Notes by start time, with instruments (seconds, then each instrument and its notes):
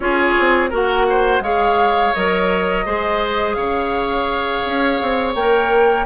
0.00 bassoon C#4, clarinet F4, oboe G#4, flute C#5
0.39 bassoon C4
0.70 bassoon A#3, clarinet F#4, oboe A#4, flute F#5
1.09 oboe C5
1.40 bassoon G#3, clarinet G#4, oboe C#5, flute F5
2.14 bassoon F#3, clarinet A#4, flute D#5
2.85 bassoon G#3, clarinet G#4, oboe C5
3.54 bassoon C#3, oboe C#5, flute F5
4.65 bassoon C#4
5.01 bassoon C4
5.35 bassoon A#3, clarinet A#4, flute G5